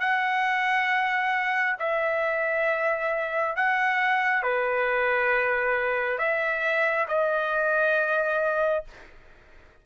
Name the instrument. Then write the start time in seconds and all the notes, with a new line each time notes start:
trumpet
0.00 F#5
1.79 E5
3.56 F#5
4.43 B4
6.18 E5
7.08 D#5